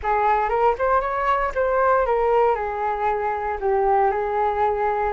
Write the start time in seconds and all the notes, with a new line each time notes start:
0.02 G#4
0.49 A#4
0.78 C5
1.00 C#5
1.55 C5
2.06 A#4
2.55 G#4
3.60 G4
4.11 G#4